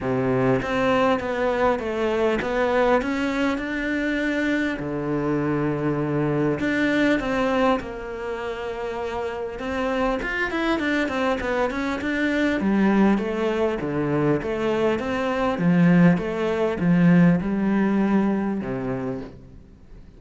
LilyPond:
\new Staff \with { instrumentName = "cello" } { \time 4/4 \tempo 4 = 100 c4 c'4 b4 a4 | b4 cis'4 d'2 | d2. d'4 | c'4 ais2. |
c'4 f'8 e'8 d'8 c'8 b8 cis'8 | d'4 g4 a4 d4 | a4 c'4 f4 a4 | f4 g2 c4 | }